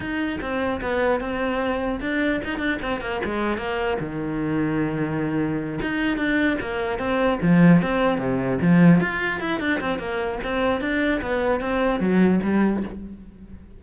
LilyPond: \new Staff \with { instrumentName = "cello" } { \time 4/4 \tempo 4 = 150 dis'4 c'4 b4 c'4~ | c'4 d'4 dis'8 d'8 c'8 ais8 | gis4 ais4 dis2~ | dis2~ dis8 dis'4 d'8~ |
d'8 ais4 c'4 f4 c'8~ | c'8 c4 f4 f'4 e'8 | d'8 c'8 ais4 c'4 d'4 | b4 c'4 fis4 g4 | }